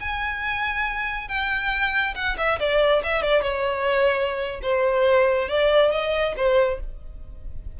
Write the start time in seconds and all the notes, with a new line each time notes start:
0.00 G#5
1.28 G5
2.14 F#5
2.37 E5
2.59 D5
3.03 E5
3.22 D5
3.42 C#5
4.62 C5
5.48 D5
5.91 D#5
6.36 C5